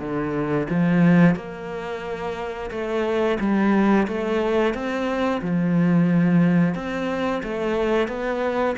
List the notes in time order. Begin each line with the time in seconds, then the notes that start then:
0.00 D3
0.70 F3
1.36 A#3
2.71 A3
3.40 G3
4.08 A3
4.74 C4
5.42 F3
6.75 C4
7.43 A3
8.08 B3